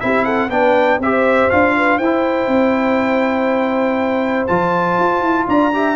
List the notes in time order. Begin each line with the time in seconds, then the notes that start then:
0.00 C4 E4 G4 E5
0.24 A4 F#5
0.49 B3 D4 B4 G5
0.99 C4 G4 C5 E5
1.50 D4 F4 F5
1.76 B4
1.98 E4 C5 G5
2.04 E4
2.47 C4
4.47 F3 F4 A5
4.99 F4
5.21 E4
5.47 D4 D5 A#5
5.73 G4 E5